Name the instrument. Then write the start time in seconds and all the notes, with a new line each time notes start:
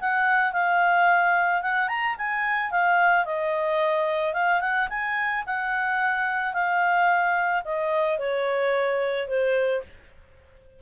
clarinet
0.00 F#5
0.52 F5
1.62 F#5
1.88 A#5
2.18 G#5
2.71 F5
3.25 D#5
4.33 F5
4.60 F#5
4.89 G#5
5.46 F#5
6.53 F5
7.64 D#5
8.18 C#5
9.28 C5